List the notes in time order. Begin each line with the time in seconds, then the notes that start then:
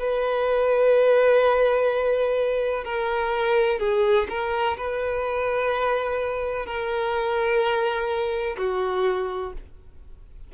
0.00 B4
2.85 A#4
3.80 G#4
4.29 A#4
4.77 B4
6.66 A#4
8.58 F#4